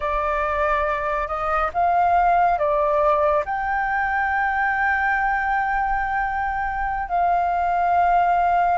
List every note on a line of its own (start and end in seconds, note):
0.00 1.27 D5
1.27 1.70 D#5
1.73 2.58 F5
2.58 3.44 D5
3.45 7.08 G5
7.08 8.78 F5